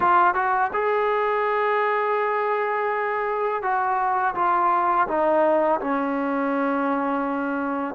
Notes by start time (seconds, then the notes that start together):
0.00 F4
0.34 F#4
0.73 G#4
3.62 F#4
4.34 F4
5.07 D#4
5.80 C#4